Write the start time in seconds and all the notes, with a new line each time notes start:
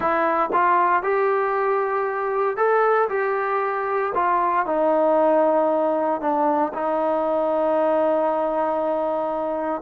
0.00 E4
0.53 F4
1.03 G4
2.56 A4
3.09 G4
4.14 F4
4.66 D#4
6.20 D4
6.73 D#4